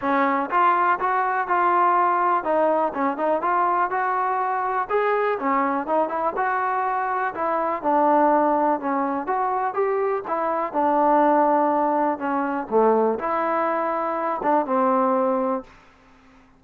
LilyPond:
\new Staff \with { instrumentName = "trombone" } { \time 4/4 \tempo 4 = 123 cis'4 f'4 fis'4 f'4~ | f'4 dis'4 cis'8 dis'8 f'4 | fis'2 gis'4 cis'4 | dis'8 e'8 fis'2 e'4 |
d'2 cis'4 fis'4 | g'4 e'4 d'2~ | d'4 cis'4 a4 e'4~ | e'4. d'8 c'2 | }